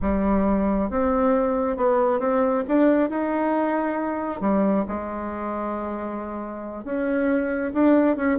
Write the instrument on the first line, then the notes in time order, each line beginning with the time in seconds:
bassoon
0.01 G3
0.90 C4
1.76 B3
2.19 C4
2.68 D4
3.09 D#4
4.40 G3
4.87 G#3
6.84 C#4
7.73 D4
8.16 C#4